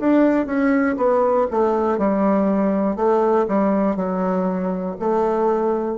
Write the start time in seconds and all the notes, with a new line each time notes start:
0.00 D4
0.46 C#4
0.97 B3
1.51 A3
1.99 G3
2.96 A3
3.48 G3
3.96 F#3
5.00 A3